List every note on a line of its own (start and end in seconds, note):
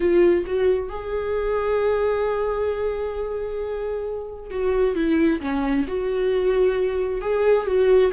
0.00 0.44 F4
0.46 0.89 F#4
0.89 4.50 G#4
4.50 4.95 F#4
4.95 5.40 E4
5.41 5.86 C#4
5.87 7.21 F#4
7.21 7.66 G#4
7.66 8.11 F#4